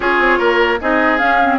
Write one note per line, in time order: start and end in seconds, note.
0.00 0.18 C#4
0.00 0.79 F4
0.00 0.38 G#4
0.00 0.80 C#5
0.18 0.39 C4
0.38 0.79 A#3
0.38 0.79 A#4
0.80 1.20 C4
0.80 1.19 D#4
0.80 1.58 G#4
0.80 1.17 D#5
1.17 1.39 C#4
1.17 1.58 C#4
1.17 1.58 F5
1.42 1.58 C4